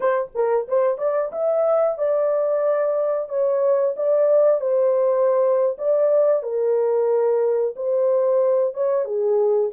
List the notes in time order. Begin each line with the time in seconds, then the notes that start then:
0.00 C5
0.34 A#4
0.68 C5
0.98 D5
1.32 E5
1.98 D5
3.28 C#5
3.96 D5
4.60 C5
5.78 D5
6.43 A#4
7.76 C5
8.74 C#5
9.04 G#4